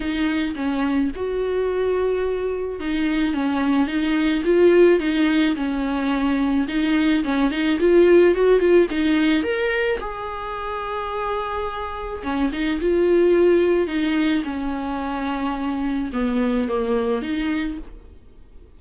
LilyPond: \new Staff \with { instrumentName = "viola" } { \time 4/4 \tempo 4 = 108 dis'4 cis'4 fis'2~ | fis'4 dis'4 cis'4 dis'4 | f'4 dis'4 cis'2 | dis'4 cis'8 dis'8 f'4 fis'8 f'8 |
dis'4 ais'4 gis'2~ | gis'2 cis'8 dis'8 f'4~ | f'4 dis'4 cis'2~ | cis'4 b4 ais4 dis'4 | }